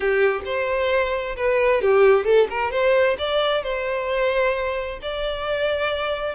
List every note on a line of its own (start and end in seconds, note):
0.00 0.41 G4
0.45 1.36 C5
1.36 1.81 B4
1.81 2.25 G4
2.25 2.47 A4
2.49 2.71 A#4
2.71 3.16 C5
3.18 3.63 D5
3.63 4.99 C5
5.02 6.35 D5